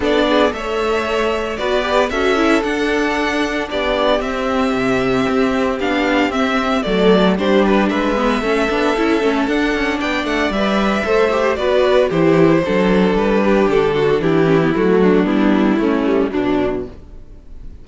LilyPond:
<<
  \new Staff \with { instrumentName = "violin" } { \time 4/4 \tempo 4 = 114 d''4 e''2 d''4 | e''4 fis''2 d''4 | e''2. f''4 | e''4 d''4 c''8 b'8 e''4~ |
e''2 fis''4 g''8 fis''8 | e''2 d''4 c''4~ | c''4 b'4 a'4 g'4 | fis'4 e'2 d'4 | }
  \new Staff \with { instrumentName = "violin" } { \time 4/4 a'8 gis'8 cis''2 b'4 | a'2. g'4~ | g'1~ | g'4 a'4 g'4 b'4 |
a'2. d''4~ | d''4 c''4 b'4 g'4 | a'4. g'4 fis'8 e'4~ | e'8 d'4. cis'4 d'4 | }
  \new Staff \with { instrumentName = "viola" } { \time 4/4 d'4 a'2 fis'8 g'8 | fis'8 e'8 d'2. | c'2. d'4 | c'4 a4 d'4. b8 |
cis'8 d'8 e'8 cis'8 d'2 | b'4 a'8 g'8 fis'4 e'4 | d'2.~ d'8 cis'16 b16 | a4 b4 a8 g8 fis4 | }
  \new Staff \with { instrumentName = "cello" } { \time 4/4 b4 a2 b4 | cis'4 d'2 b4 | c'4 c4 c'4 b4 | c'4 fis4 g4 gis4 |
a8 b8 cis'8 a8 d'8 cis'8 b8 a8 | g4 a4 b4 e4 | fis4 g4 d4 e4 | fis4 g4 a4 b,4 | }
>>